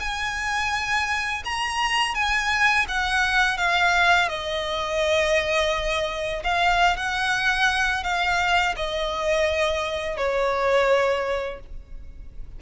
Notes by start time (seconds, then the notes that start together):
0.00 G#5
1.44 A#5
2.15 G#5
2.88 F#5
3.57 F5
4.29 D#5
6.44 F5
6.96 F#5
8.03 F5
8.76 D#5
10.17 C#5